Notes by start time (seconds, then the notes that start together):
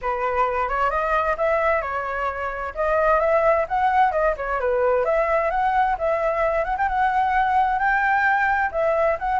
0.01 B4
0.68 C#5
0.90 D#5
1.37 E5
1.81 C#5
2.74 D#5
3.20 E5
3.68 F#5
4.11 D#5
4.37 C#5
4.59 B4
5.04 E5
5.50 F#5
5.98 E5
6.64 F#5
6.77 G5
6.88 F#5
7.78 G5
8.71 E5
9.19 F#5